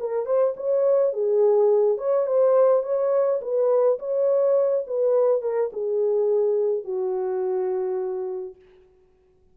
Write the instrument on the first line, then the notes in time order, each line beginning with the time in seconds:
horn
0.00 A#4
0.26 C5
0.57 C#5
1.13 G#4
1.98 C#5
2.27 C5
2.83 C#5
3.42 B4
3.99 C#5
4.87 B4
5.42 A#4
5.73 G#4
6.84 F#4